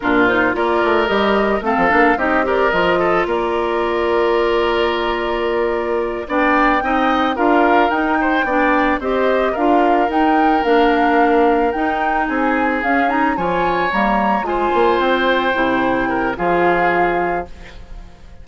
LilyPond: <<
  \new Staff \with { instrumentName = "flute" } { \time 4/4 \tempo 4 = 110 ais'8 c''8 d''4 dis''4 f''4 | dis''8 d''8 dis''4 d''2~ | d''2.~ d''8 g''8~ | g''4. f''4 g''4.~ |
g''8 dis''4 f''4 g''4 f''8~ | f''4. g''4 gis''4 f''8 | ais''8 gis''4 ais''4 gis''4 g''8~ | g''2 f''2 | }
  \new Staff \with { instrumentName = "oboe" } { \time 4/4 f'4 ais'2 a'4 | g'8 ais'4 a'8 ais'2~ | ais'2.~ ais'8 d''8~ | d''8 dis''4 ais'4. c''8 d''8~ |
d''8 c''4 ais'2~ ais'8~ | ais'2~ ais'8 gis'4.~ | gis'8 cis''2 c''4.~ | c''4. ais'8 gis'2 | }
  \new Staff \with { instrumentName = "clarinet" } { \time 4/4 d'8 dis'8 f'4 g'4 c'8 d'8 | dis'8 g'8 f'2.~ | f'2.~ f'8 d'8~ | d'8 dis'4 f'4 dis'4 d'8~ |
d'8 g'4 f'4 dis'4 d'8~ | d'4. dis'2 cis'8 | dis'8 f'4 ais4 f'4.~ | f'8 e'4. f'2 | }
  \new Staff \with { instrumentName = "bassoon" } { \time 4/4 ais,4 ais8 a8 g4 a16 f16 ais8 | c'4 f4 ais2~ | ais2.~ ais8 b8~ | b8 c'4 d'4 dis'4 b8~ |
b8 c'4 d'4 dis'4 ais8~ | ais4. dis'4 c'4 cis'8~ | cis'8 f4 g4 gis8 ais8 c'8~ | c'8 c4. f2 | }
>>